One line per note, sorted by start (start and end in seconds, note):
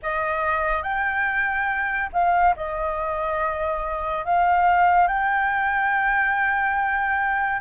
0.02 0.83 D#5
0.83 2.09 G5
2.12 2.55 F5
2.56 4.25 D#5
4.25 5.07 F5
5.07 7.61 G5